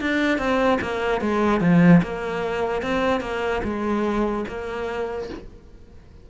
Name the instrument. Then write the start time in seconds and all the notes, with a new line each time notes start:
cello
0.00 D4
0.38 C4
0.81 A#3
1.21 G#3
1.60 F3
2.02 A#3
2.82 C4
3.20 A#3
3.63 G#3
4.48 A#3